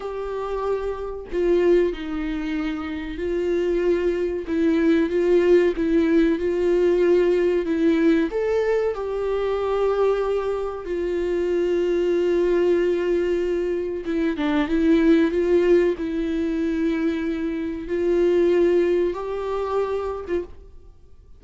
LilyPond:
\new Staff \with { instrumentName = "viola" } { \time 4/4 \tempo 4 = 94 g'2 f'4 dis'4~ | dis'4 f'2 e'4 | f'4 e'4 f'2 | e'4 a'4 g'2~ |
g'4 f'2.~ | f'2 e'8 d'8 e'4 | f'4 e'2. | f'2 g'4.~ g'16 f'16 | }